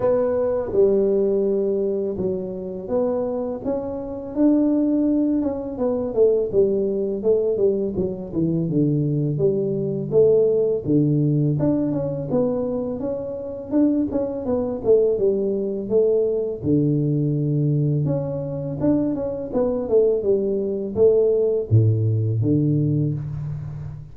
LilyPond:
\new Staff \with { instrumentName = "tuba" } { \time 4/4 \tempo 4 = 83 b4 g2 fis4 | b4 cis'4 d'4. cis'8 | b8 a8 g4 a8 g8 fis8 e8 | d4 g4 a4 d4 |
d'8 cis'8 b4 cis'4 d'8 cis'8 | b8 a8 g4 a4 d4~ | d4 cis'4 d'8 cis'8 b8 a8 | g4 a4 a,4 d4 | }